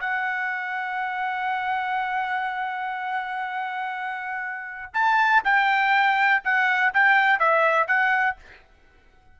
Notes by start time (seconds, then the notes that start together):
0.00 F#5
4.93 A5
5.44 G5
6.44 F#5
6.93 G5
7.39 E5
7.87 F#5